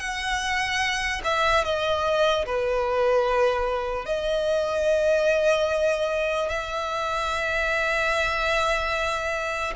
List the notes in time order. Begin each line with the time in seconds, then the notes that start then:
0.00 F#5
1.25 E5
1.64 D#5
2.46 B4
4.06 D#5
6.50 E5